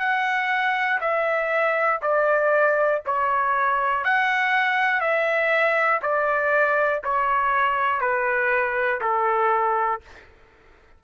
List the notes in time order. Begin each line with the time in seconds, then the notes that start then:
0.00 F#5
1.01 E5
2.02 D5
3.06 C#5
4.05 F#5
5.01 E5
6.02 D5
7.05 C#5
8.01 B4
9.02 A4